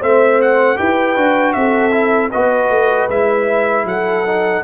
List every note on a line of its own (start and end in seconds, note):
0.00 0.79 A3
0.00 0.77 C4
0.00 0.77 C5
0.00 0.41 E5
0.42 0.78 F#5
0.77 1.16 E4
0.77 1.15 G4
0.77 1.55 B4
0.77 1.53 G5
1.16 1.55 D4
1.16 1.92 F#4
1.53 2.33 C4
1.53 2.31 A4
1.53 2.30 E5
1.92 2.30 E4
2.31 2.70 B3
2.31 3.10 F#4
2.31 3.85 B4
2.31 3.09 D#5
2.70 3.08 A3
3.09 3.84 G#3
3.09 4.26 E4
3.09 3.87 E5
3.84 4.61 F#3
3.84 4.64 A4
3.84 4.64 F#5
4.26 4.64 D#4